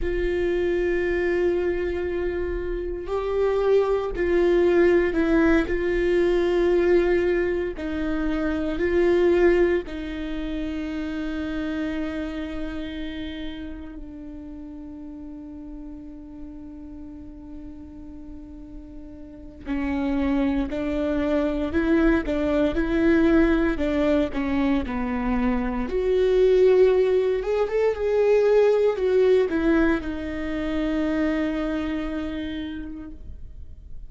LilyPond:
\new Staff \with { instrumentName = "viola" } { \time 4/4 \tempo 4 = 58 f'2. g'4 | f'4 e'8 f'2 dis'8~ | dis'8 f'4 dis'2~ dis'8~ | dis'4. d'2~ d'8~ |
d'2. cis'4 | d'4 e'8 d'8 e'4 d'8 cis'8 | b4 fis'4. gis'16 a'16 gis'4 | fis'8 e'8 dis'2. | }